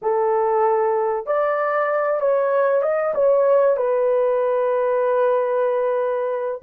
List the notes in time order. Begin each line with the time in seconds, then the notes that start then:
0.01 A4
1.26 D5
2.20 C#5
2.82 D#5
3.14 C#5
3.76 B4